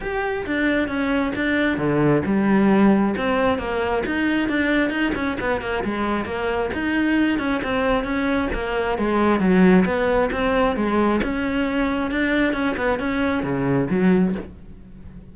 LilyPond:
\new Staff \with { instrumentName = "cello" } { \time 4/4 \tempo 4 = 134 g'4 d'4 cis'4 d'4 | d4 g2 c'4 | ais4 dis'4 d'4 dis'8 cis'8 | b8 ais8 gis4 ais4 dis'4~ |
dis'8 cis'8 c'4 cis'4 ais4 | gis4 fis4 b4 c'4 | gis4 cis'2 d'4 | cis'8 b8 cis'4 cis4 fis4 | }